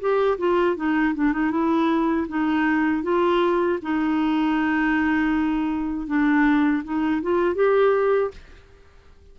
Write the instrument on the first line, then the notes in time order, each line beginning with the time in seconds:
clarinet
0.00 G4
0.38 F4
0.76 D#4
1.15 D4
1.33 D#4
1.51 E4
2.28 D#4
3.03 F4
3.82 D#4
6.07 D4
6.84 D#4
7.22 F4
7.55 G4